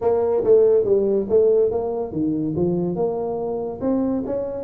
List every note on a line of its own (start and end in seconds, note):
0.01 0.43 A#3
0.44 0.84 A3
0.84 1.26 G3
1.29 1.71 A3
1.71 2.12 A#3
2.12 2.54 D#3
2.55 2.95 F3
2.95 3.80 A#3
3.80 4.23 C4
4.26 4.64 C#4